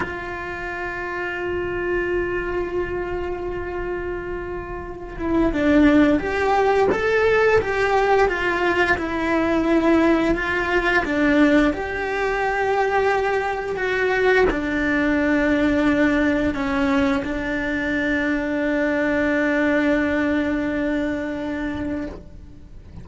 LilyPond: \new Staff \with { instrumentName = "cello" } { \time 4/4 \tempo 4 = 87 f'1~ | f'2.~ f'8 e'8 | d'4 g'4 a'4 g'4 | f'4 e'2 f'4 |
d'4 g'2. | fis'4 d'2. | cis'4 d'2.~ | d'1 | }